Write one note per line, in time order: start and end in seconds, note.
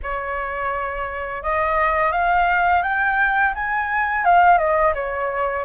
0.02 1.42 C#5
1.42 2.12 D#5
2.12 2.82 F5
2.82 3.53 G5
3.55 4.24 G#5
4.24 4.58 F5
4.58 4.93 D#5
4.94 5.64 C#5